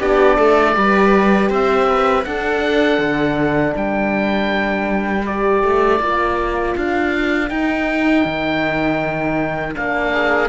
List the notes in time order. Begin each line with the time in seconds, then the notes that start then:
0.00 B3 D4 G4 D5
0.37 A3 A4
0.75 G3 G4 B4
1.50 C4 C5 E5
1.90 B4
2.25 D4 A4 F#5
2.99 D3
3.76 G3 A#4 G5
5.25 G4 D5
5.63 A3
6.00 A#3 F4
6.76 D4 F5
7.49 D#4 G5
8.25 D#3
9.74 A#3 D4 F5
10.14 G#4